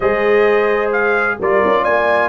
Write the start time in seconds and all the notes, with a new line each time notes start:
0.00 G#3 G#4 C5 D#5
0.92 F5
1.39 G3 F4 A#4 D5
1.64 C#4
1.83 A#3 D5 G#5